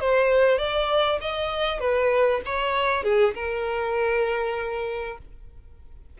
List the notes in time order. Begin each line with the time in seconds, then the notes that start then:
0.00 C5
0.58 D5
1.21 D#5
1.79 B4
2.45 C#5
3.03 G#4
3.35 A#4